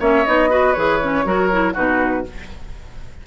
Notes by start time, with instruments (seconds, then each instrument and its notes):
0.00 bassoon A#3, clarinet C#4, oboe C#5, flute E5
0.26 bassoon B3, clarinet D#4, flute D#5
0.50 clarinet F#4, oboe B4
0.73 bassoon E3, clarinet G#4, flute C#5
1.02 clarinet C#4
1.25 bassoon F#3, clarinet F#4, oboe A#4
1.52 clarinet E4
1.74 bassoon B2, clarinet D#4, oboe F#4, flute B4